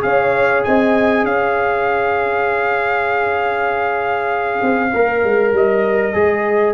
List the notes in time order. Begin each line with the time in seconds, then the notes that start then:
0.00 C#4 G#4 C#5 F5
0.64 C4 D#5 G#5
1.24 C#4 C#5 F5
4.63 C4
4.94 A#3 A#4
5.24 G#3
5.53 G3 D#5
6.14 G#3 G#4